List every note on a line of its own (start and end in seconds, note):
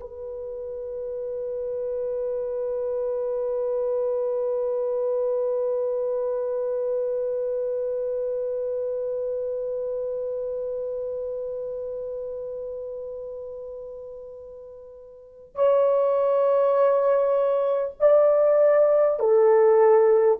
0.00 15.55 B4
15.55 17.95 C#5
17.99 19.19 D5
19.19 20.39 A4